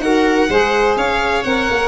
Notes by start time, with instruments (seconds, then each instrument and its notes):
0.00 tuba D#4, saxophone F#4, viola A#4, violin F#5
0.50 tuba G#3, saxophone G#4, viola C5
0.96 tuba C#4, viola C#5, violin F5
1.44 tuba C4, saxophone A#4, violin F#5
1.70 tuba A#3